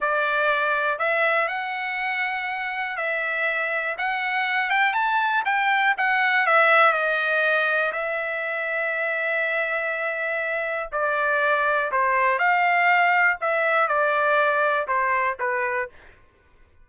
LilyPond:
\new Staff \with { instrumentName = "trumpet" } { \time 4/4 \tempo 4 = 121 d''2 e''4 fis''4~ | fis''2 e''2 | fis''4. g''8 a''4 g''4 | fis''4 e''4 dis''2 |
e''1~ | e''2 d''2 | c''4 f''2 e''4 | d''2 c''4 b'4 | }